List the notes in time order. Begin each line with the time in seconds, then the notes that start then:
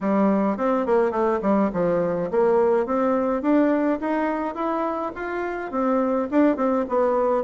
0.01 G3
0.57 C4
0.85 A#3
1.11 A3
1.42 G3
1.73 F3
2.30 A#3
2.86 C4
3.42 D4
4.00 D#4
4.55 E4
5.15 F4
5.71 C4
6.30 D4
6.56 C4
6.89 B3